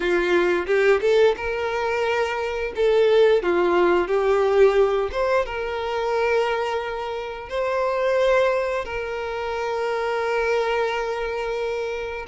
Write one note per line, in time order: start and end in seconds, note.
0.00 0.66 F4
0.66 1.00 G4
1.01 1.35 A4
1.36 2.73 A#4
2.75 3.42 A4
3.42 4.07 F4
4.07 5.10 G4
5.11 5.45 C5
5.45 7.49 A#4
7.49 8.85 C5
8.85 12.25 A#4